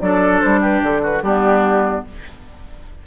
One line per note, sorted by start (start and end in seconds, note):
0.00 0.41 F#3
0.00 1.23 D4
0.00 0.60 A4
0.00 0.40 D5
0.40 0.81 G3
0.40 0.61 C5
0.60 1.01 G4
0.60 0.82 B4
0.81 1.21 D3
0.81 1.03 A4
1.02 1.22 F#4
1.02 1.22 B4
1.21 2.03 G3
1.21 2.06 B3
1.21 2.05 D4
1.21 2.04 G4